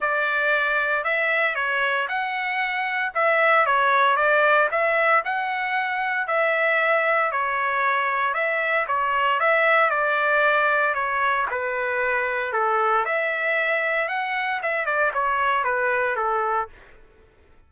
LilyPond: \new Staff \with { instrumentName = "trumpet" } { \time 4/4 \tempo 4 = 115 d''2 e''4 cis''4 | fis''2 e''4 cis''4 | d''4 e''4 fis''2 | e''2 cis''2 |
e''4 cis''4 e''4 d''4~ | d''4 cis''4 b'2 | a'4 e''2 fis''4 | e''8 d''8 cis''4 b'4 a'4 | }